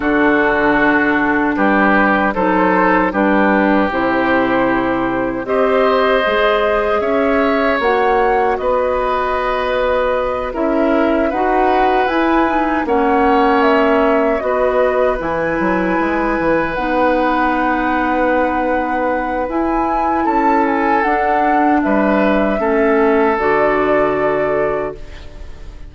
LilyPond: <<
  \new Staff \with { instrumentName = "flute" } { \time 4/4 \tempo 4 = 77 a'2 b'4 c''4 | b'4 c''2 dis''4~ | dis''4 e''4 fis''4 dis''4~ | dis''4. e''4 fis''4 gis''8~ |
gis''8 fis''4 e''4 dis''4 gis''8~ | gis''4. fis''2~ fis''8~ | fis''4 gis''4 a''8 gis''8 fis''4 | e''2 d''2 | }
  \new Staff \with { instrumentName = "oboe" } { \time 4/4 fis'2 g'4 a'4 | g'2. c''4~ | c''4 cis''2 b'4~ | b'4. ais'4 b'4.~ |
b'8 cis''2 b'4.~ | b'1~ | b'2 a'2 | b'4 a'2. | }
  \new Staff \with { instrumentName = "clarinet" } { \time 4/4 d'2. dis'4 | d'4 e'2 g'4 | gis'2 fis'2~ | fis'4. e'4 fis'4 e'8 |
dis'8 cis'2 fis'4 e'8~ | e'4. dis'2~ dis'8~ | dis'4 e'2 d'4~ | d'4 cis'4 fis'2 | }
  \new Staff \with { instrumentName = "bassoon" } { \time 4/4 d2 g4 fis4 | g4 c2 c'4 | gis4 cis'4 ais4 b4~ | b4. cis'4 dis'4 e'8~ |
e'8 ais2 b4 e8 | fis8 gis8 e8 b2~ b8~ | b4 e'4 cis'4 d'4 | g4 a4 d2 | }
>>